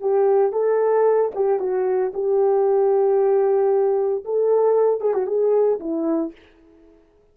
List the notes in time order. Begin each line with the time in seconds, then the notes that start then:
0.00 G4
0.52 A4
1.35 G4
1.59 F#4
2.14 G4
4.24 A4
5.00 G#4
5.14 F#4
5.27 G#4
5.79 E4